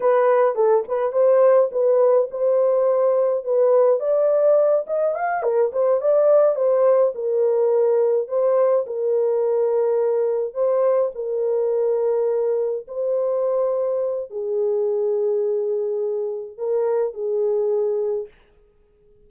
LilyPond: \new Staff \with { instrumentName = "horn" } { \time 4/4 \tempo 4 = 105 b'4 a'8 b'8 c''4 b'4 | c''2 b'4 d''4~ | d''8 dis''8 f''8 ais'8 c''8 d''4 c''8~ | c''8 ais'2 c''4 ais'8~ |
ais'2~ ais'8 c''4 ais'8~ | ais'2~ ais'8 c''4.~ | c''4 gis'2.~ | gis'4 ais'4 gis'2 | }